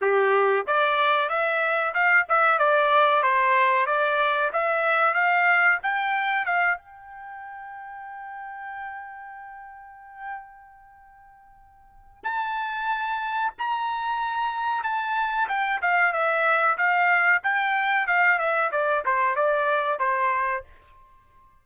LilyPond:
\new Staff \with { instrumentName = "trumpet" } { \time 4/4 \tempo 4 = 93 g'4 d''4 e''4 f''8 e''8 | d''4 c''4 d''4 e''4 | f''4 g''4 f''8 g''4.~ | g''1~ |
g''2. a''4~ | a''4 ais''2 a''4 | g''8 f''8 e''4 f''4 g''4 | f''8 e''8 d''8 c''8 d''4 c''4 | }